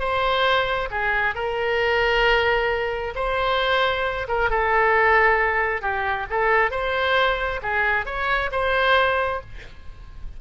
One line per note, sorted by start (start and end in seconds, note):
0.00 0.90 C5
0.91 1.36 G#4
1.36 3.15 A#4
3.16 4.28 C5
4.28 4.51 A#4
4.51 5.82 A4
5.82 6.27 G4
6.31 6.71 A4
6.71 7.61 C5
7.63 8.06 G#4
8.06 8.51 C#5
8.52 9.42 C5